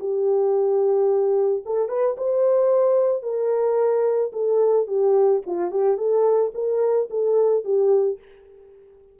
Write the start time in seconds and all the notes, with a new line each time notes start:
0.00 G4
1.66 A4
1.89 B4
2.18 C5
3.23 A#4
4.33 A4
4.87 G4
5.46 F4
5.71 G4
5.98 A4
6.55 A#4
7.11 A4
7.64 G4